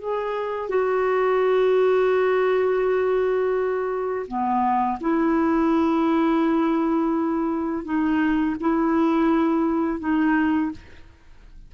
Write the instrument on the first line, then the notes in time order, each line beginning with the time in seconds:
clarinet
0.00 G#4
0.69 F#4
4.28 B3
5.01 E4
7.85 D#4
8.61 E4
10.00 D#4